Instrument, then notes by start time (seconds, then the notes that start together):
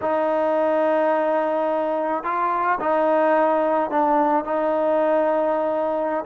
trombone
0.01 D#4
2.23 F4
2.80 D#4
3.90 D4
4.44 D#4